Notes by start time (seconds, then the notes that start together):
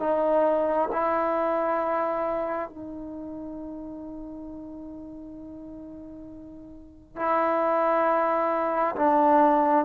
0.00 D#4
0.93 E4
2.69 D#4
7.16 E4
8.96 D4